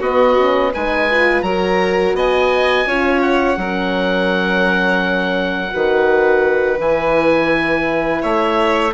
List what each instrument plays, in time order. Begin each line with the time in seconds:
0.00 bassoon B3, horn B3, violin F#4, oboe D#5
0.37 horn C#4
0.73 bassoon G#3, horn D#4, violin B4, oboe G#5
1.11 horn F4
1.42 bassoon F#3, horn F#4, violin A#4, oboe A#5
2.14 bassoon B3, violin D#5, oboe G#5
2.86 bassoon C#4, horn F4, violin C#5
3.22 oboe F#5
3.57 bassoon F#3, horn C#4, violin A#4
5.71 bassoon D#3, horn F#4, violin B4
6.79 bassoon E3, horn E4, oboe G#5
8.22 bassoon A3, violin C#5, oboe E5